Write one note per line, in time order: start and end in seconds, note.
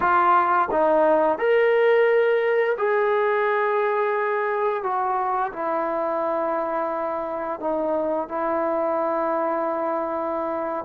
0.00 0.69 F4
0.71 1.38 D#4
1.38 2.76 A#4
2.77 4.83 G#4
4.83 5.52 F#4
5.53 7.60 E4
7.60 8.28 D#4
8.28 10.84 E4